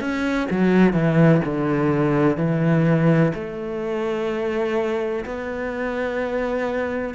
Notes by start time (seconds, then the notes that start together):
0.00 C#4
0.50 F#3
0.93 E3
1.45 D3
2.37 E3
3.34 A3
5.25 B3